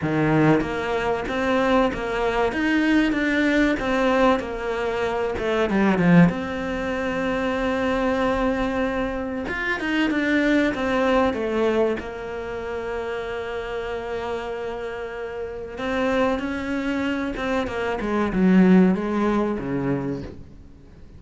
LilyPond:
\new Staff \with { instrumentName = "cello" } { \time 4/4 \tempo 4 = 95 dis4 ais4 c'4 ais4 | dis'4 d'4 c'4 ais4~ | ais8 a8 g8 f8 c'2~ | c'2. f'8 dis'8 |
d'4 c'4 a4 ais4~ | ais1~ | ais4 c'4 cis'4. c'8 | ais8 gis8 fis4 gis4 cis4 | }